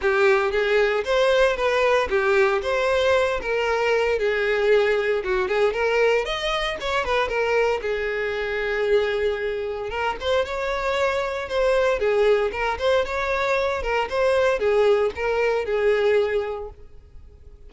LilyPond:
\new Staff \with { instrumentName = "violin" } { \time 4/4 \tempo 4 = 115 g'4 gis'4 c''4 b'4 | g'4 c''4. ais'4. | gis'2 fis'8 gis'8 ais'4 | dis''4 cis''8 b'8 ais'4 gis'4~ |
gis'2. ais'8 c''8 | cis''2 c''4 gis'4 | ais'8 c''8 cis''4. ais'8 c''4 | gis'4 ais'4 gis'2 | }